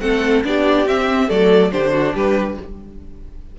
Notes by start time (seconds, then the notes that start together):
0.00 A3 C4 A4 F#5
0.44 B3 D4 G4 D5
0.86 C4 E5
1.28 F#3 A3 A4 D5
1.72 D3 D4 G4 C5
1.92 F#4
2.14 G3 G4 B4